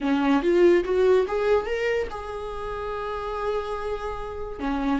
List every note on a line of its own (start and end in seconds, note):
0.00 0.42 C#4
0.42 0.84 F4
0.84 1.26 F#4
1.27 1.66 G#4
1.66 2.07 A#4
2.10 4.59 G#4
4.59 4.99 C#4